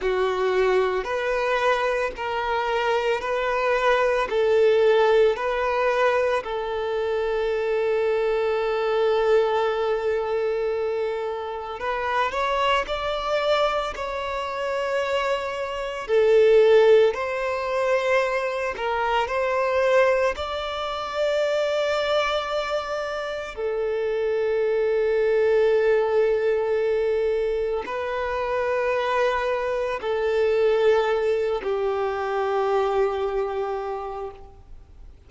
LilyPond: \new Staff \with { instrumentName = "violin" } { \time 4/4 \tempo 4 = 56 fis'4 b'4 ais'4 b'4 | a'4 b'4 a'2~ | a'2. b'8 cis''8 | d''4 cis''2 a'4 |
c''4. ais'8 c''4 d''4~ | d''2 a'2~ | a'2 b'2 | a'4. g'2~ g'8 | }